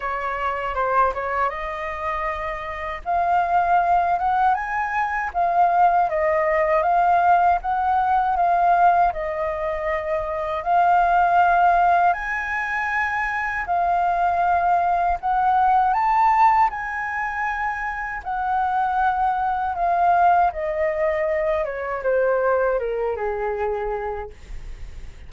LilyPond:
\new Staff \with { instrumentName = "flute" } { \time 4/4 \tempo 4 = 79 cis''4 c''8 cis''8 dis''2 | f''4. fis''8 gis''4 f''4 | dis''4 f''4 fis''4 f''4 | dis''2 f''2 |
gis''2 f''2 | fis''4 a''4 gis''2 | fis''2 f''4 dis''4~ | dis''8 cis''8 c''4 ais'8 gis'4. | }